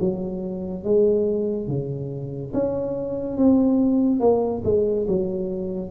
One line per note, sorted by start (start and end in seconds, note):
0.00 0.84 F#3
0.84 1.67 G#3
1.67 2.52 C#3
2.54 3.37 C#4
3.37 4.20 C4
4.20 4.62 A#3
4.64 5.07 G#3
5.07 5.90 F#3